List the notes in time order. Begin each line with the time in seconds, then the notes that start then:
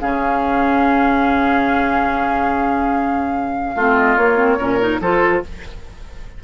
0.00 C#3 C#4 G#4 F5
3.75 A3 C4 F4
3.96 D#5
4.16 A#3 C#5
4.36 C4
4.58 A#2 C#4 A#4
4.79 D#4
5.00 F3 F4 A4 C5